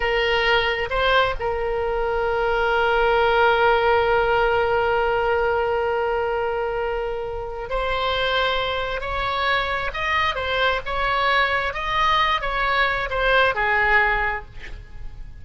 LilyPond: \new Staff \with { instrumentName = "oboe" } { \time 4/4 \tempo 4 = 133 ais'2 c''4 ais'4~ | ais'1~ | ais'1~ | ais'1~ |
ais'4 c''2. | cis''2 dis''4 c''4 | cis''2 dis''4. cis''8~ | cis''4 c''4 gis'2 | }